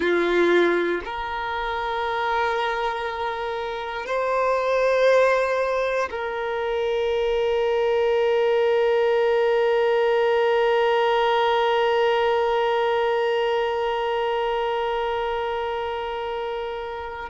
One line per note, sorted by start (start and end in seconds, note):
0.00 1.01 F4
1.04 4.05 A#4
4.05 6.09 C5
6.10 17.29 A#4